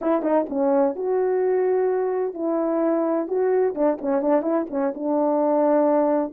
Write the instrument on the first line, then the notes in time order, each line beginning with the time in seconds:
horn
0.01 E4
0.22 D#4
0.49 C#4
0.95 F#4
2.34 E4
3.27 F#4
3.74 D4
4.01 C#4
4.21 D4
4.41 E4
4.70 C#4
4.94 D4